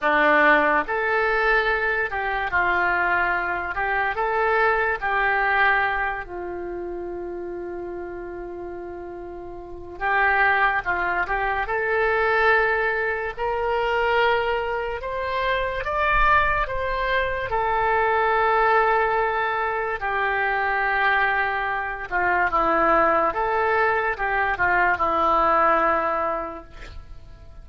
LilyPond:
\new Staff \with { instrumentName = "oboe" } { \time 4/4 \tempo 4 = 72 d'4 a'4. g'8 f'4~ | f'8 g'8 a'4 g'4. f'8~ | f'1 | g'4 f'8 g'8 a'2 |
ais'2 c''4 d''4 | c''4 a'2. | g'2~ g'8 f'8 e'4 | a'4 g'8 f'8 e'2 | }